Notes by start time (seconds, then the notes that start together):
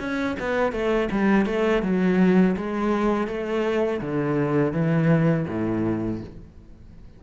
0.00 C#4
0.40 B3
0.73 A3
1.12 G3
1.46 A3
1.83 F#3
2.57 G#3
3.28 A3
4.02 D3
4.73 E3
5.48 A2